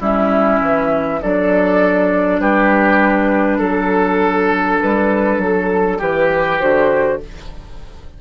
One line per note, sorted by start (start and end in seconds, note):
0.00 0.61 G3
0.00 1.21 C#4
0.00 1.20 E4
0.00 1.22 E5
0.61 1.21 E3
1.22 2.40 F#3
1.22 6.00 D4
1.22 2.41 A4
1.22 2.41 D5
2.40 3.60 G3
2.40 3.58 G4
2.40 3.60 B4
3.58 4.80 F#3
3.58 5.99 A4
3.58 4.80 A4
4.81 5.38 G3
4.81 5.41 B4
5.38 5.99 F#3
5.38 6.01 A4
5.99 6.61 E3
5.99 7.19 G4
5.99 6.60 G4
5.99 6.60 B4
6.60 7.21 D3
6.60 7.21 F#4
6.60 7.20 C5